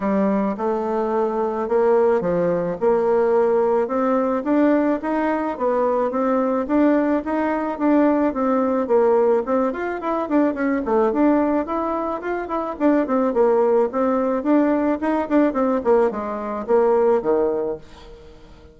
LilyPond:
\new Staff \with { instrumentName = "bassoon" } { \time 4/4 \tempo 4 = 108 g4 a2 ais4 | f4 ais2 c'4 | d'4 dis'4 b4 c'4 | d'4 dis'4 d'4 c'4 |
ais4 c'8 f'8 e'8 d'8 cis'8 a8 | d'4 e'4 f'8 e'8 d'8 c'8 | ais4 c'4 d'4 dis'8 d'8 | c'8 ais8 gis4 ais4 dis4 | }